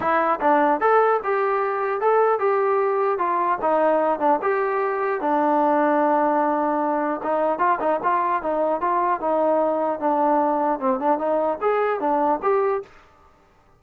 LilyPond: \new Staff \with { instrumentName = "trombone" } { \time 4/4 \tempo 4 = 150 e'4 d'4 a'4 g'4~ | g'4 a'4 g'2 | f'4 dis'4. d'8 g'4~ | g'4 d'2.~ |
d'2 dis'4 f'8 dis'8 | f'4 dis'4 f'4 dis'4~ | dis'4 d'2 c'8 d'8 | dis'4 gis'4 d'4 g'4 | }